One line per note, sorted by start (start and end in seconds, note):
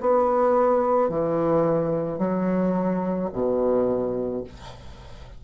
0.00 1.09 B3
1.09 2.19 E3
2.19 3.30 F#3
3.33 4.44 B2